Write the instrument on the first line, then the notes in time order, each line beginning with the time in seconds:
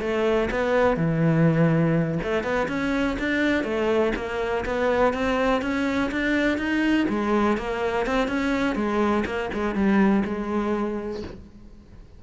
cello
0.00 A3
0.50 B3
0.96 E3
2.23 A3
2.43 B3
2.68 C#4
3.18 D4
3.63 A3
4.15 A#3
4.65 B3
5.13 C4
5.61 C#4
6.11 D4
6.57 D#4
7.08 G#3
7.57 A#3
8.06 C4
8.27 C#4
8.75 G#3
9.25 A#3
9.53 G#3
9.74 G3
10.25 G#3